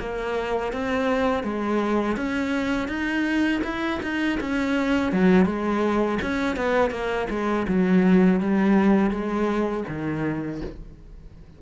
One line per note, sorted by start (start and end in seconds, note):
0.00 0.73 A#3
0.73 1.44 C4
1.44 2.17 G#3
2.17 2.89 C#4
2.89 3.62 D#4
3.64 4.01 E4
4.03 4.40 D#4
4.41 5.13 C#4
5.13 5.46 F#3
5.46 6.19 G#3
6.22 6.57 C#4
6.57 6.91 B3
6.91 7.27 A#3
7.30 7.67 G#3
7.68 8.41 F#3
8.41 9.11 G3
9.11 9.84 G#3
9.88 10.62 D#3